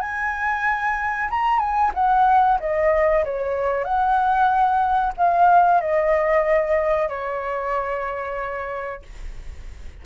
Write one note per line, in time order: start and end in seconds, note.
0.00 1.29 G#5
1.30 1.59 A#5
1.59 1.91 G#5
1.94 2.58 F#5
2.60 3.24 D#5
3.24 3.84 C#5
3.84 5.13 F#5
5.16 5.80 F5
5.80 7.08 D#5
7.08 9.02 C#5